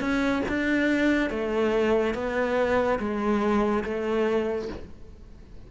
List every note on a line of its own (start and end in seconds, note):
0.00 0.42 C#4
0.48 1.30 D4
1.30 2.14 A3
2.14 2.99 B3
2.99 3.84 G#3
3.84 4.69 A3